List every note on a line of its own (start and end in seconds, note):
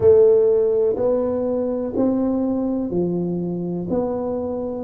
0.00 0.95 A3
0.96 1.93 B3
1.96 2.90 C4
2.90 3.87 F3
3.89 4.84 B3